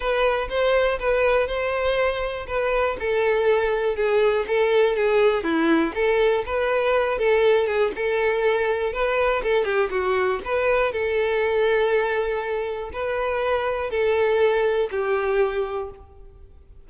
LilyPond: \new Staff \with { instrumentName = "violin" } { \time 4/4 \tempo 4 = 121 b'4 c''4 b'4 c''4~ | c''4 b'4 a'2 | gis'4 a'4 gis'4 e'4 | a'4 b'4. a'4 gis'8 |
a'2 b'4 a'8 g'8 | fis'4 b'4 a'2~ | a'2 b'2 | a'2 g'2 | }